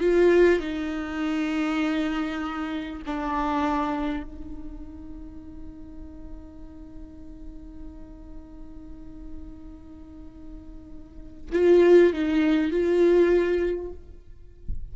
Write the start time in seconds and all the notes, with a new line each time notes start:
0.00 F4
0.60 D#4
3.06 D4
4.23 D#4
11.52 F4
12.13 D#4
12.71 F4